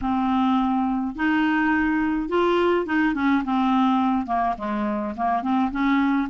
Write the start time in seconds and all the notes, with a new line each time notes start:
0.01 C4
1.15 D#4
2.29 F4
2.85 D#4
3.14 C#4
3.44 C4
4.26 A#3
4.57 G#3
5.16 A#3
5.42 C4
5.71 C#4